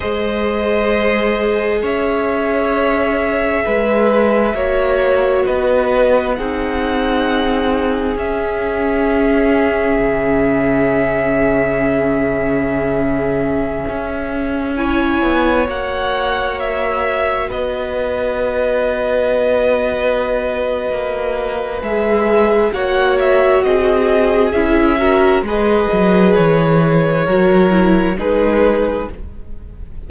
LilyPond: <<
  \new Staff \with { instrumentName = "violin" } { \time 4/4 \tempo 4 = 66 dis''2 e''2~ | e''2 dis''4 fis''4~ | fis''4 e''2.~ | e''1~ |
e''16 gis''4 fis''4 e''4 dis''8.~ | dis''1 | e''4 fis''8 e''8 dis''4 e''4 | dis''4 cis''2 b'4 | }
  \new Staff \with { instrumentName = "violin" } { \time 4/4 c''2 cis''2 | b'4 cis''4 b'4 gis'4~ | gis'1~ | gis'1~ |
gis'16 cis''2. b'8.~ | b'1~ | b'4 cis''4 gis'4. ais'8 | b'2 ais'4 gis'4 | }
  \new Staff \with { instrumentName = "viola" } { \time 4/4 gis'1~ | gis'4 fis'2 dis'4~ | dis'4 cis'2.~ | cis'1~ |
cis'16 e'4 fis'2~ fis'8.~ | fis'1 | gis'4 fis'2 e'8 fis'8 | gis'2 fis'8 e'8 dis'4 | }
  \new Staff \with { instrumentName = "cello" } { \time 4/4 gis2 cis'2 | gis4 ais4 b4 c'4~ | c'4 cis'2 cis4~ | cis2.~ cis16 cis'8.~ |
cis'8. b8 ais2 b8.~ | b2. ais4 | gis4 ais4 c'4 cis'4 | gis8 fis8 e4 fis4 gis4 | }
>>